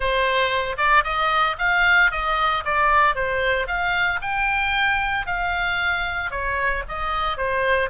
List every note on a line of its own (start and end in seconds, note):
0.00 0.76 C5
0.77 1.03 D5
1.04 1.56 D#5
1.58 2.11 F5
2.11 2.63 D#5
2.65 3.15 D5
3.15 3.67 C5
3.67 4.20 F5
4.21 5.26 G5
5.26 6.30 F5
6.30 6.83 C#5
6.88 7.37 D#5
7.37 7.89 C5